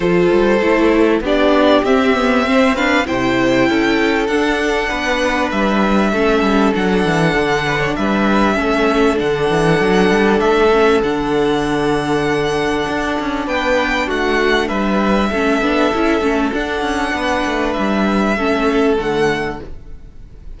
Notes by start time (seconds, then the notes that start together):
0.00 F3 F4 A4 C5
0.31 G3
0.62 A3 E4
1.20 B3 D4 G4 D5
1.83 C4 E5
2.14 B3
2.45 C4 C5
2.75 D4 B4 F5
3.05 C3 E4 C5 G5
3.68 C#4 A4
4.27 D4 F#5
4.88 B3 B4
5.51 G3 E5
6.12 A3 C#4 A4
6.41 G3
6.75 F#3 D4 F#5
7.04 E3
7.34 D3
7.66 B4
7.79 C#5
7.95 G3 B4 E5
8.54 A3 C#4 A4
9.15 D3 D4 F#5
9.50 E3
9.80 F#3
10.09 G3
10.39 A3 E5
10.72 C#4
11.02 D3 D4 F#5
12.88 D4
13.19 C#4
13.46 B3 B4 G5
14.06 A3 F#4 F#5
14.68 G3 B4 E5
15.29 A3 C#4 A4
15.61 B3 D4
15.94 C#4 E4
16.21 A3 C#4
16.53 D4 F#5
16.81 C#4
17.12 B3 B4
17.45 A3
17.73 G3 E5
18.36 A3 C#4 A4
18.96 D3 A3 F#5